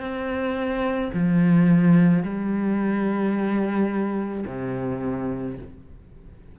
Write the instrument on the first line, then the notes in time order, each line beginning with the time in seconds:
cello
0.00 C4
1.14 F3
2.23 G3
4.47 C3